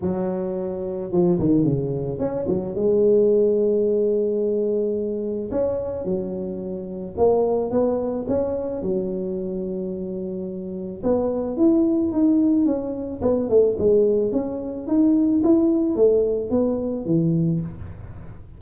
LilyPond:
\new Staff \with { instrumentName = "tuba" } { \time 4/4 \tempo 4 = 109 fis2 f8 dis8 cis4 | cis'8 fis8 gis2.~ | gis2 cis'4 fis4~ | fis4 ais4 b4 cis'4 |
fis1 | b4 e'4 dis'4 cis'4 | b8 a8 gis4 cis'4 dis'4 | e'4 a4 b4 e4 | }